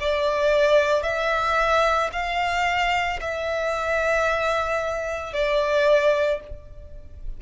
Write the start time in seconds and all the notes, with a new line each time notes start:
0.00 D5
1.03 E5
2.12 F5
3.21 E5
5.33 D5